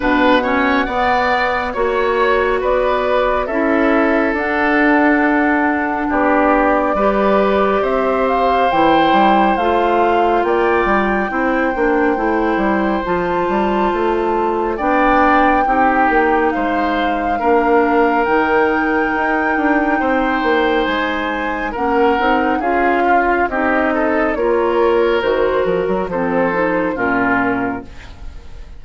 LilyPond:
<<
  \new Staff \with { instrumentName = "flute" } { \time 4/4 \tempo 4 = 69 fis''2 cis''4 d''4 | e''4 fis''2 d''4~ | d''4 e''8 f''8 g''4 f''4 | g''2. a''4~ |
a''4 g''2 f''4~ | f''4 g''2. | gis''4 fis''4 f''4 dis''4 | cis''4 c''8 ais'8 c''4 ais'4 | }
  \new Staff \with { instrumentName = "oboe" } { \time 4/4 b'8 cis''8 d''4 cis''4 b'4 | a'2. g'4 | b'4 c''2. | d''4 c''2.~ |
c''4 d''4 g'4 c''4 | ais'2. c''4~ | c''4 ais'4 gis'8 f'8 g'8 a'8 | ais'2 a'4 f'4 | }
  \new Staff \with { instrumentName = "clarinet" } { \time 4/4 d'8 cis'8 b4 fis'2 | e'4 d'2. | g'2 e'4 f'4~ | f'4 e'8 d'8 e'4 f'4~ |
f'4 d'4 dis'2 | d'4 dis'2.~ | dis'4 cis'8 dis'8 f'4 dis'4 | f'4 fis'4 c'8 dis'8 cis'4 | }
  \new Staff \with { instrumentName = "bassoon" } { \time 4/4 b,4 b4 ais4 b4 | cis'4 d'2 b4 | g4 c'4 e8 g8 a4 | ais8 g8 c'8 ais8 a8 g8 f8 g8 |
a4 b4 c'8 ais8 gis4 | ais4 dis4 dis'8 d'8 c'8 ais8 | gis4 ais8 c'8 cis'4 c'4 | ais4 dis8 f16 fis16 f4 ais,4 | }
>>